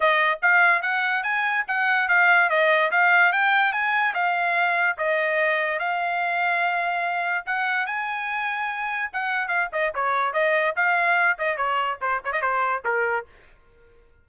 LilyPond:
\new Staff \with { instrumentName = "trumpet" } { \time 4/4 \tempo 4 = 145 dis''4 f''4 fis''4 gis''4 | fis''4 f''4 dis''4 f''4 | g''4 gis''4 f''2 | dis''2 f''2~ |
f''2 fis''4 gis''4~ | gis''2 fis''4 f''8 dis''8 | cis''4 dis''4 f''4. dis''8 | cis''4 c''8 cis''16 dis''16 c''4 ais'4 | }